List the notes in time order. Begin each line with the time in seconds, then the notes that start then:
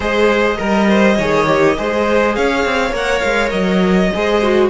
0.00 G#3 G#4 C5 D#5
0.57 G3 A#4
0.89 C5
1.16 D#3 G#4 C#5
1.46 G4
1.76 G#3 G#4 C5
2.35 C#4 C#5 F5
2.64 C4
2.91 A#3 A#4 F#5
3.19 G#3 F5
3.50 F#3 D#5
4.14 G#3 G#4 C5
4.42 F#4